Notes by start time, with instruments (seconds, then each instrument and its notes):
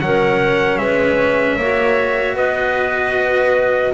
0.00 double bass F#3, cello C#4, clarinet A#4, trumpet F#5
0.78 double bass G#3, clarinet B4, trumpet E5
1.57 double bass A#3, cello F#4, clarinet C#5
2.35 double bass B3, clarinet B4, trumpet D#5